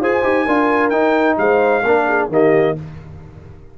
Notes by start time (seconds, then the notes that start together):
0.00 F4 G#4 C5 G#5
0.23 D#4 G4
0.45 D4 F4 A#4
0.89 D#4 G5
1.37 G#3 C5 F5
1.83 A#3 D4 A#4
2.08 G#4
2.28 D#3 A#3 G4 D#5